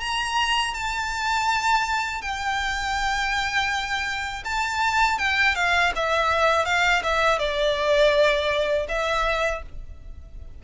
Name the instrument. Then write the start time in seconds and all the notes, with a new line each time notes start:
violin
0.00 A#5
0.74 A5
2.22 G5
4.44 A5
5.19 G5
5.56 F5
5.96 E5
6.66 F5
7.03 E5
7.39 D5
8.89 E5